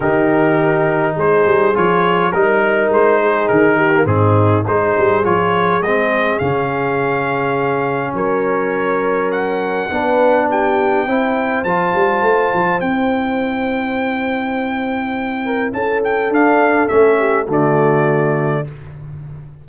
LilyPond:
<<
  \new Staff \with { instrumentName = "trumpet" } { \time 4/4 \tempo 4 = 103 ais'2 c''4 cis''4 | ais'4 c''4 ais'4 gis'4 | c''4 cis''4 dis''4 f''4~ | f''2 cis''2 |
fis''2 g''2 | a''2 g''2~ | g''2. a''8 g''8 | f''4 e''4 d''2 | }
  \new Staff \with { instrumentName = "horn" } { \time 4/4 g'2 gis'2 | ais'4. gis'4 g'8 dis'4 | gis'1~ | gis'2 ais'2~ |
ais'4 b'4 g'4 c''4~ | c''1~ | c''2~ c''8 ais'8 a'4~ | a'4. g'8 fis'2 | }
  \new Staff \with { instrumentName = "trombone" } { \time 4/4 dis'2. f'4 | dis'2~ dis'8. ais16 c'4 | dis'4 f'4 c'4 cis'4~ | cis'1~ |
cis'4 d'2 e'4 | f'2 e'2~ | e'1 | d'4 cis'4 a2 | }
  \new Staff \with { instrumentName = "tuba" } { \time 4/4 dis2 gis8 g8 f4 | g4 gis4 dis4 gis,4 | gis8 g8 f4 gis4 cis4~ | cis2 fis2~ |
fis4 b2 c'4 | f8 g8 a8 f8 c'2~ | c'2. cis'4 | d'4 a4 d2 | }
>>